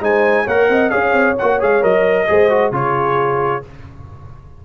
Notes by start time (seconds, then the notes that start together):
0.00 G#3 D#4 C5 G#5
0.44 A#3 A#4 C#5 F#5
0.69 C4 D#5
0.89 C#4 G#4 C#5 F5
1.12 C4
1.38 A#3 F#4 F#5
1.60 G#3 G#4 F5
1.82 F#3 A#4 D#5
2.27 G#3 G#4 C5
2.49 F#4
2.70 C#3 F4 G#4 C#5